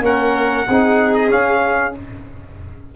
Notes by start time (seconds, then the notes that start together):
0.00 A#3 C#4 A#4 F#5
0.67 C4 D#4 G#4
1.14 D#5
1.28 C#4 F5